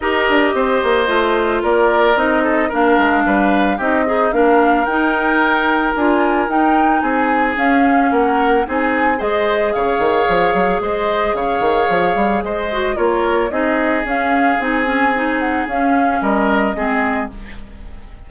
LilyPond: <<
  \new Staff \with { instrumentName = "flute" } { \time 4/4 \tempo 4 = 111 dis''2. d''4 | dis''4 f''2 dis''4 | f''4 g''2 gis''4 | g''4 gis''4 f''4 fis''4 |
gis''4 dis''4 f''2 | dis''4 f''2 dis''4 | cis''4 dis''4 f''4 gis''4~ | gis''8 fis''8 f''4 dis''2 | }
  \new Staff \with { instrumentName = "oboe" } { \time 4/4 ais'4 c''2 ais'4~ | ais'8 a'8 ais'4 b'4 g'8 dis'8 | ais'1~ | ais'4 gis'2 ais'4 |
gis'4 c''4 cis''2 | c''4 cis''2 c''4 | ais'4 gis'2.~ | gis'2 ais'4 gis'4 | }
  \new Staff \with { instrumentName = "clarinet" } { \time 4/4 g'2 f'2 | dis'4 d'2 dis'8 gis'8 | d'4 dis'2 f'4 | dis'2 cis'2 |
dis'4 gis'2.~ | gis'2.~ gis'8 fis'8 | f'4 dis'4 cis'4 dis'8 cis'8 | dis'4 cis'2 c'4 | }
  \new Staff \with { instrumentName = "bassoon" } { \time 4/4 dis'8 d'8 c'8 ais8 a4 ais4 | c'4 ais8 gis8 g4 c'4 | ais4 dis'2 d'4 | dis'4 c'4 cis'4 ais4 |
c'4 gis4 cis8 dis8 f8 fis8 | gis4 cis8 dis8 f8 g8 gis4 | ais4 c'4 cis'4 c'4~ | c'4 cis'4 g4 gis4 | }
>>